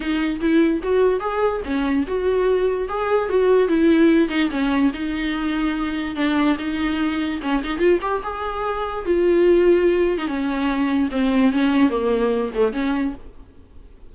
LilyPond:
\new Staff \with { instrumentName = "viola" } { \time 4/4 \tempo 4 = 146 dis'4 e'4 fis'4 gis'4 | cis'4 fis'2 gis'4 | fis'4 e'4. dis'8 cis'4 | dis'2. d'4 |
dis'2 cis'8 dis'8 f'8 g'8 | gis'2 f'2~ | f'8. dis'16 cis'2 c'4 | cis'4 ais4. a8 cis'4 | }